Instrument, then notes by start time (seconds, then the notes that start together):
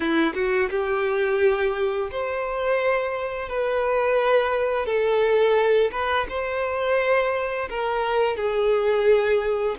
violin
0.00 E4
0.34 F#4
0.70 G4
2.11 C5
3.48 B4
4.86 A4
5.91 B4
6.29 C5
7.69 A#4
8.36 G#4